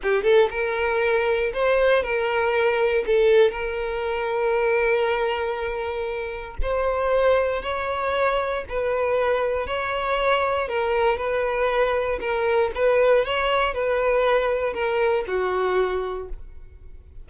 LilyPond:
\new Staff \with { instrumentName = "violin" } { \time 4/4 \tempo 4 = 118 g'8 a'8 ais'2 c''4 | ais'2 a'4 ais'4~ | ais'1~ | ais'4 c''2 cis''4~ |
cis''4 b'2 cis''4~ | cis''4 ais'4 b'2 | ais'4 b'4 cis''4 b'4~ | b'4 ais'4 fis'2 | }